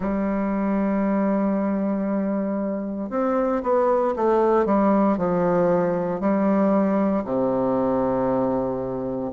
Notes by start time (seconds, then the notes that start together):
0.00 G3
3.10 C4
3.62 B3
4.16 A3
4.66 G3
5.17 F3
6.20 G3
7.24 C3